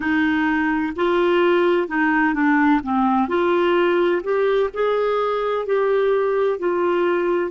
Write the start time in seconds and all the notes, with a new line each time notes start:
0.00 D#4
0.95 F4
1.87 D#4
2.34 D4
2.83 C4
3.28 F4
4.23 G4
4.73 G#4
5.65 G4
6.59 F4